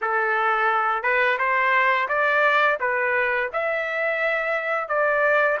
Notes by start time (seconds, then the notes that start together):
0.01 A4
1.02 B4
1.38 C5
2.08 D5
2.80 B4
3.52 E5
4.88 D5